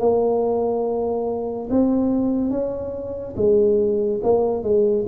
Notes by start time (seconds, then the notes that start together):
0.00 A#3
1.70 C4
2.50 C#4
3.36 G#3
4.23 A#3
4.63 G#3